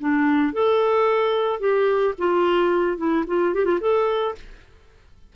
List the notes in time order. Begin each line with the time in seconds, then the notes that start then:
0.00 D4
0.53 A4
1.60 G4
2.18 F4
2.98 E4
3.27 F4
3.54 G4
3.65 F4
3.81 A4